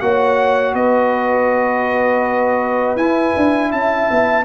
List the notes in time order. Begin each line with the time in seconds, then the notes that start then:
0.00 A#3 F#4 C#5 F#5
0.74 B3 B4 D#5
2.96 E4 G#5
3.36 D4
3.71 C#4 E5 A5
4.10 B3